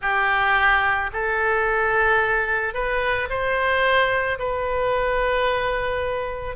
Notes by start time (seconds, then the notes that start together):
0.01 G4
1.13 A4
2.74 B4
3.29 C5
4.38 B4